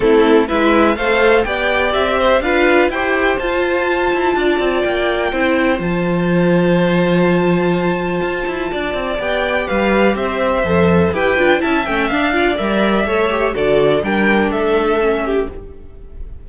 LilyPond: <<
  \new Staff \with { instrumentName = "violin" } { \time 4/4 \tempo 4 = 124 a'4 e''4 f''4 g''4 | e''4 f''4 g''4 a''4~ | a''2 g''2 | a''1~ |
a''2. g''4 | f''4 e''2 g''4 | a''8 g''8 f''4 e''2 | d''4 g''4 e''2 | }
  \new Staff \with { instrumentName = "violin" } { \time 4/4 e'4 b'4 c''4 d''4~ | d''8 c''8 b'4 c''2~ | c''4 d''2 c''4~ | c''1~ |
c''2 d''2 | b'4 c''2 b'4 | e''4. d''4. cis''4 | a'4 ais'4 a'4. g'8 | }
  \new Staff \with { instrumentName = "viola" } { \time 4/4 c'4 e'4 a'4 g'4~ | g'4 f'4 g'4 f'4~ | f'2. e'4 | f'1~ |
f'2. g'4~ | g'2 a'4 g'8 f'8 | e'8 cis'8 d'8 f'8 ais'4 a'8 g'8 | fis'4 d'2 cis'4 | }
  \new Staff \with { instrumentName = "cello" } { \time 4/4 a4 gis4 a4 b4 | c'4 d'4 e'4 f'4~ | f'8 e'8 d'8 c'8 ais4 c'4 | f1~ |
f4 f'8 e'8 d'8 c'8 b4 | g4 c'4 f,4 e'8 d'8 | cis'8 a8 d'4 g4 a4 | d4 g4 a2 | }
>>